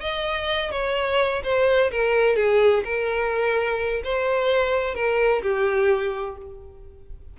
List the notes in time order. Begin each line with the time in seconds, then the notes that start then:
0.00 D#5
0.71 C#5
1.43 C5
1.91 A#4
2.36 G#4
2.84 A#4
4.04 C5
4.95 A#4
5.42 G4